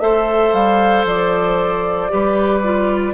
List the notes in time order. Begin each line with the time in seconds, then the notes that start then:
0.00 A3 A4 C5 E5
0.53 G3 F5
1.05 F3 D5
2.09 G3 G4 B4
2.64 F4